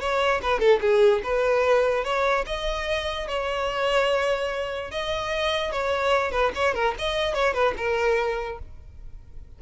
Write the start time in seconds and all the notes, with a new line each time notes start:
0.00 C#5
0.42 B4
0.60 A4
0.81 G#4
1.23 B4
2.04 C#5
2.46 D#5
3.28 C#5
4.91 D#5
5.72 C#5
6.32 B4
6.55 C#5
6.74 A#4
6.99 D#5
7.34 C#5
7.54 B4
7.77 A#4